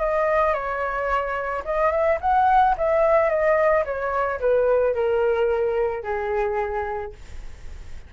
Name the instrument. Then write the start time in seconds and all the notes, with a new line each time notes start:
flute
0.00 D#5
0.54 C#5
1.65 D#5
1.91 E5
2.21 F#5
2.78 E5
3.30 D#5
3.85 C#5
4.40 B4
4.95 A#4
6.03 G#4